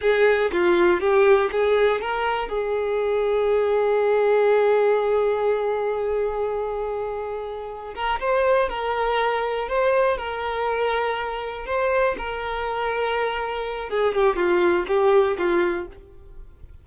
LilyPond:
\new Staff \with { instrumentName = "violin" } { \time 4/4 \tempo 4 = 121 gis'4 f'4 g'4 gis'4 | ais'4 gis'2.~ | gis'1~ | gis'1 |
ais'8 c''4 ais'2 c''8~ | c''8 ais'2. c''8~ | c''8 ais'2.~ ais'8 | gis'8 g'8 f'4 g'4 f'4 | }